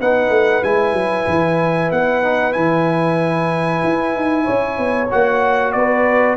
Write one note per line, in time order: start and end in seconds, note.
0.00 0.30 B3
0.00 0.63 D#4
0.00 4.44 B4
0.00 0.64 F#5
0.30 0.62 A3
0.63 0.93 G#3
0.63 2.23 E4
0.63 1.91 G#5
0.93 1.25 F#3
1.27 1.91 E3
1.92 2.55 B3
1.92 2.53 F#5
2.23 2.52 D#4
2.52 3.83 E3
2.52 5.07 E4
2.52 5.08 G#5
3.84 4.15 E4
4.15 4.47 D#4
4.44 4.78 C#4
4.44 5.72 C#5
4.78 5.10 B3
5.10 5.75 A#3
5.10 6.37 F#4
5.10 5.72 F#5
5.72 6.37 B3
5.72 6.37 B4
5.72 6.36 D5